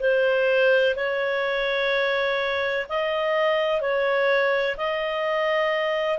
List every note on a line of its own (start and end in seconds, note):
0.00 0.95 C5
0.96 2.87 C#5
2.89 3.81 D#5
3.81 4.76 C#5
4.77 6.19 D#5